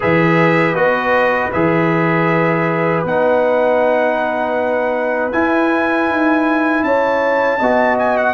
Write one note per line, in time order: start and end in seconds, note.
0.00 0.74 E3
0.00 0.75 G#4
0.00 6.83 B4
0.00 0.75 E5
0.74 1.50 B3
0.74 1.51 F#4
0.74 1.51 D#5
1.52 3.03 E3
1.52 3.06 G#4
1.52 3.04 E5
3.03 5.31 B3
3.03 5.32 D#4
3.03 5.31 F#5
5.31 7.60 E4
5.31 6.09 E4
5.31 6.83 G#5
6.09 6.83 D#4
6.83 7.59 C#4
6.83 7.59 C#5
6.83 7.97 A5
7.59 8.34 B3
7.59 8.34 F#4
7.59 8.34 D#5
7.98 8.17 G#5
8.17 8.34 F#5